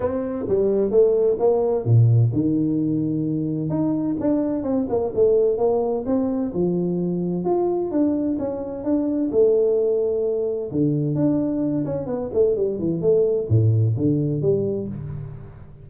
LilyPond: \new Staff \with { instrumentName = "tuba" } { \time 4/4 \tempo 4 = 129 c'4 g4 a4 ais4 | ais,4 dis2. | dis'4 d'4 c'8 ais8 a4 | ais4 c'4 f2 |
f'4 d'4 cis'4 d'4 | a2. d4 | d'4. cis'8 b8 a8 g8 e8 | a4 a,4 d4 g4 | }